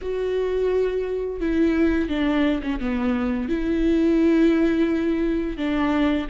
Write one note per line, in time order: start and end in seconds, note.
0.01 1.40 F#4
1.40 2.08 E4
2.08 2.61 D4
2.62 2.79 C#4
2.79 3.49 B3
3.49 5.57 E4
5.57 6.27 D4